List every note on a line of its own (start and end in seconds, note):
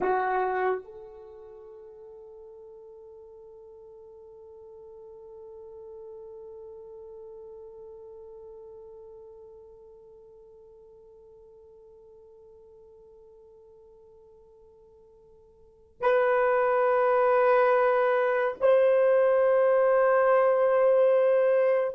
0.00 0.84 F#4
0.84 16.01 A4
16.01 18.54 B4
18.60 21.94 C5